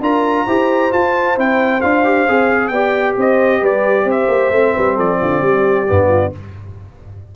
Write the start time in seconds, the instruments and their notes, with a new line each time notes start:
0.00 tuba D4, trombone F4, horn A#4, trumpet A#5
0.45 tuba E4, trombone G4, horn C5
0.91 trombone F4, tuba F4, trumpet A5
1.35 tuba C4, trombone E4, trumpet G5
1.81 tuba D4, trombone F4, trumpet F5
2.04 trombone G4
2.28 tuba C4, trombone G#4
2.67 tuba B3, trombone G4, horn D5, trumpet G5
3.16 tuba C4, horn C5, trumpet D#5
3.60 tuba G3, horn B4, trumpet D5
4.04 tuba C4, horn C5
4.10 trumpet E5
4.27 tuba A#3
4.51 tuba A3, trombone C4
4.74 tuba G3, horn B4
4.95 tuba F3, horn A4, trumpet D5
5.20 tuba D3, horn F4
5.41 tuba G3, horn G4
5.87 tuba G2, trombone B3
6.08 horn F4